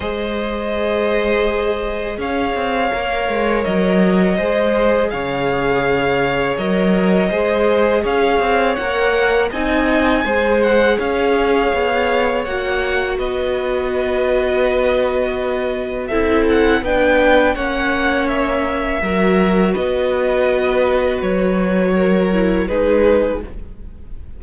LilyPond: <<
  \new Staff \with { instrumentName = "violin" } { \time 4/4 \tempo 4 = 82 dis''2. f''4~ | f''4 dis''2 f''4~ | f''4 dis''2 f''4 | fis''4 gis''4. fis''8 f''4~ |
f''4 fis''4 dis''2~ | dis''2 e''8 fis''8 g''4 | fis''4 e''2 dis''4~ | dis''4 cis''2 b'4 | }
  \new Staff \with { instrumentName = "violin" } { \time 4/4 c''2. cis''4~ | cis''2 c''4 cis''4~ | cis''2 c''4 cis''4~ | cis''4 dis''4 c''4 cis''4~ |
cis''2 b'2~ | b'2 a'4 b'4 | cis''2 ais'4 b'4~ | b'2 ais'4 gis'4 | }
  \new Staff \with { instrumentName = "viola" } { \time 4/4 gis'1 | ais'2 gis'2~ | gis'4 ais'4 gis'2 | ais'4 dis'4 gis'2~ |
gis'4 fis'2.~ | fis'2 e'4 d'4 | cis'2 fis'2~ | fis'2~ fis'8 e'8 dis'4 | }
  \new Staff \with { instrumentName = "cello" } { \time 4/4 gis2. cis'8 c'8 | ais8 gis8 fis4 gis4 cis4~ | cis4 fis4 gis4 cis'8 c'8 | ais4 c'4 gis4 cis'4 |
b4 ais4 b2~ | b2 c'4 b4 | ais2 fis4 b4~ | b4 fis2 gis4 | }
>>